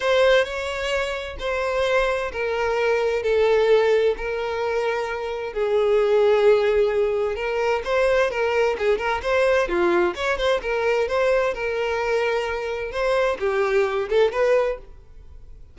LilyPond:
\new Staff \with { instrumentName = "violin" } { \time 4/4 \tempo 4 = 130 c''4 cis''2 c''4~ | c''4 ais'2 a'4~ | a'4 ais'2. | gis'1 |
ais'4 c''4 ais'4 gis'8 ais'8 | c''4 f'4 cis''8 c''8 ais'4 | c''4 ais'2. | c''4 g'4. a'8 b'4 | }